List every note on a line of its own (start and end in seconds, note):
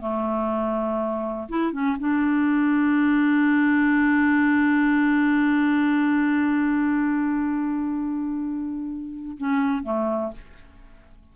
0.00 1.48 A3
1.48 1.72 E4
1.72 1.96 C#4
1.99 9.37 D4
9.37 9.83 C#4
9.83 10.32 A3